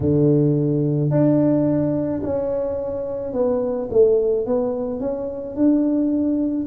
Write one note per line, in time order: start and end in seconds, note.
0.00 1.10 D3
1.10 2.21 D4
2.23 3.32 C#4
3.32 3.88 B3
3.90 4.45 A3
4.45 5.00 B3
5.00 5.56 C#4
5.56 6.67 D4